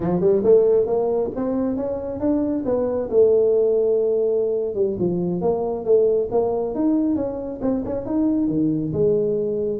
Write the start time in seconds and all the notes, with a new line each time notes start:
0.00 F3
0.20 G3
0.43 A3
0.86 A#3
1.35 C4
1.76 C#4
2.19 D4
2.65 B3
3.09 A3
4.74 G3
4.99 F3
5.41 A#3
5.84 A3
6.31 A#3
6.74 D#4
7.15 C#4
7.61 C4
7.85 C#4
8.05 D#4
8.48 D#3
8.93 G#3